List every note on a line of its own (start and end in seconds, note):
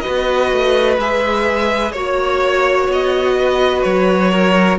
0.00 0.98 F#4
0.00 1.92 B4
0.00 0.95 D#5
0.07 0.52 B3
0.52 0.97 A3
0.97 1.93 G#3
0.97 1.95 G#4
0.97 1.91 E5
1.91 2.88 A#3
1.91 4.79 F#4
1.91 2.87 C#5
1.91 3.35 C#5
2.88 3.83 B3
2.88 3.82 D#5
3.39 4.31 B4
3.82 4.79 F#3
3.82 4.77 C#5
4.31 4.78 A#4